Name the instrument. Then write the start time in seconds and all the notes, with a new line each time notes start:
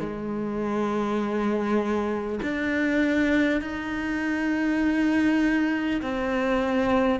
cello
0.00 G#3
2.43 D4
3.61 D#4
6.02 C4